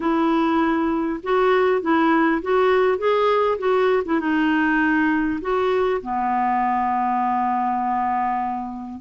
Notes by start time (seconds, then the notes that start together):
0.00 E4
1.23 F#4
1.81 E4
2.42 F#4
2.98 G#4
3.58 F#4
4.05 E4
4.20 D#4
5.41 F#4
6.02 B3